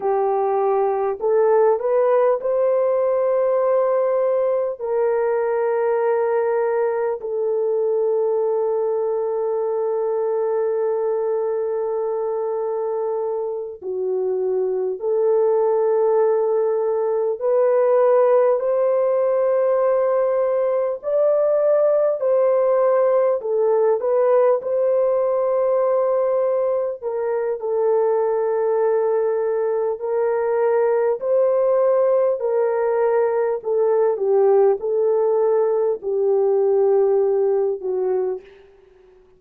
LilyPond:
\new Staff \with { instrumentName = "horn" } { \time 4/4 \tempo 4 = 50 g'4 a'8 b'8 c''2 | ais'2 a'2~ | a'2.~ a'8 fis'8~ | fis'8 a'2 b'4 c''8~ |
c''4. d''4 c''4 a'8 | b'8 c''2 ais'8 a'4~ | a'4 ais'4 c''4 ais'4 | a'8 g'8 a'4 g'4. fis'8 | }